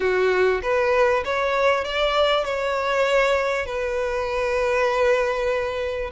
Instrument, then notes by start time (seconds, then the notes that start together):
violin
0.00 F#4
0.62 B4
1.24 C#5
1.84 D5
2.44 C#5
3.66 B4